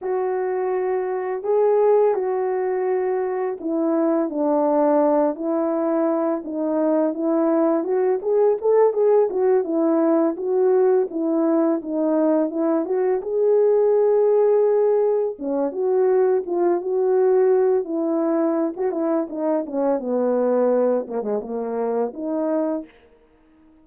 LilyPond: \new Staff \with { instrumentName = "horn" } { \time 4/4 \tempo 4 = 84 fis'2 gis'4 fis'4~ | fis'4 e'4 d'4. e'8~ | e'4 dis'4 e'4 fis'8 gis'8 | a'8 gis'8 fis'8 e'4 fis'4 e'8~ |
e'8 dis'4 e'8 fis'8 gis'4.~ | gis'4. cis'8 fis'4 f'8 fis'8~ | fis'4 e'4~ e'16 fis'16 e'8 dis'8 cis'8 | b4. ais16 gis16 ais4 dis'4 | }